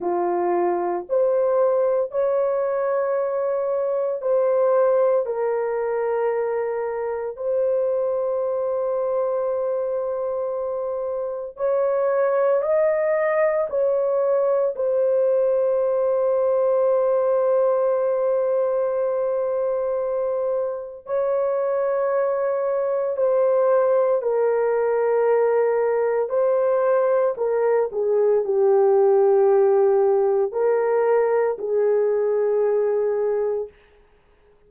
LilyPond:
\new Staff \with { instrumentName = "horn" } { \time 4/4 \tempo 4 = 57 f'4 c''4 cis''2 | c''4 ais'2 c''4~ | c''2. cis''4 | dis''4 cis''4 c''2~ |
c''1 | cis''2 c''4 ais'4~ | ais'4 c''4 ais'8 gis'8 g'4~ | g'4 ais'4 gis'2 | }